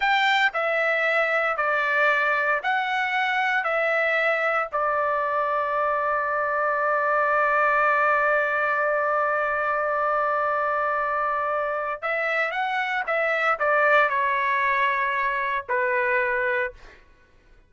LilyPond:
\new Staff \with { instrumentName = "trumpet" } { \time 4/4 \tempo 4 = 115 g''4 e''2 d''4~ | d''4 fis''2 e''4~ | e''4 d''2.~ | d''1~ |
d''1~ | d''2. e''4 | fis''4 e''4 d''4 cis''4~ | cis''2 b'2 | }